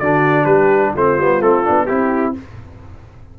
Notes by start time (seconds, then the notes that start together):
0.00 D3 D4 F#4 D5
0.46 G3 G4 B4
0.95 A3 C4 F4 C5
1.19 G3 B3
1.41 A3 C4 A4
1.65 B3 D4
1.87 C4 E4 G4